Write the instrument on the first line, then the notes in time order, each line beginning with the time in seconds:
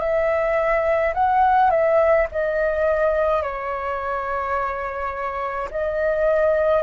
flute
0.00 E5
1.14 F#5
1.70 E5
2.32 D#5
3.42 C#5
5.71 D#5